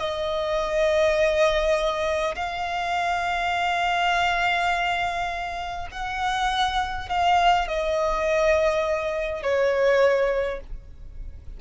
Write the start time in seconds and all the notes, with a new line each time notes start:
0.00 D#5
2.36 F5
5.91 F#5
7.09 F5
7.68 D#5
9.43 C#5